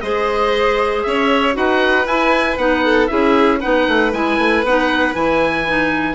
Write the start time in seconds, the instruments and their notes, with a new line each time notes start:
0.00 bassoon G#3, clarinet G#4, violin C5, oboe D#5
1.03 bassoon C#4, violin C#5, oboe E5
1.52 bassoon D#4, clarinet F#4, violin B4, oboe F#5
2.05 bassoon E4, clarinet E4, oboe G#5
2.57 bassoon B3, clarinet D#4, oboe F#5
2.84 violin A4
3.07 bassoon C#4, clarinet E4, violin G#4, oboe E5
3.59 bassoon B3, clarinet D#4, violin B4, oboe F#5
3.87 bassoon A3
4.12 bassoon G#3, clarinet E4, oboe G#5
4.38 bassoon A3
4.63 bassoon B3, clarinet D#4, oboe F#5
5.13 bassoon E3, clarinet E4, oboe G#5
5.67 clarinet D#4